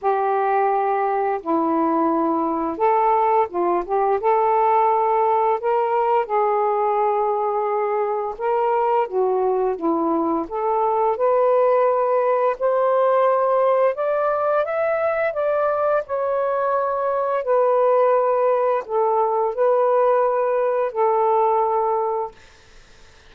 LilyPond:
\new Staff \with { instrumentName = "saxophone" } { \time 4/4 \tempo 4 = 86 g'2 e'2 | a'4 f'8 g'8 a'2 | ais'4 gis'2. | ais'4 fis'4 e'4 a'4 |
b'2 c''2 | d''4 e''4 d''4 cis''4~ | cis''4 b'2 a'4 | b'2 a'2 | }